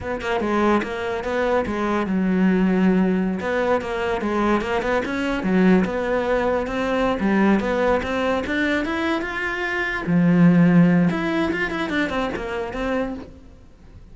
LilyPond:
\new Staff \with { instrumentName = "cello" } { \time 4/4 \tempo 4 = 146 b8 ais8 gis4 ais4 b4 | gis4 fis2.~ | fis16 b4 ais4 gis4 ais8 b16~ | b16 cis'4 fis4 b4.~ b16~ |
b16 c'4~ c'16 g4 b4 c'8~ | c'8 d'4 e'4 f'4.~ | f'8 f2~ f8 e'4 | f'8 e'8 d'8 c'8 ais4 c'4 | }